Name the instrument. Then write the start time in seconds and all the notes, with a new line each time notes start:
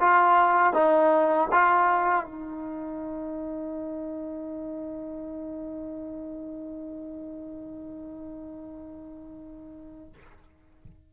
trombone
0.00 F4
0.74 D#4
1.52 F4
2.26 D#4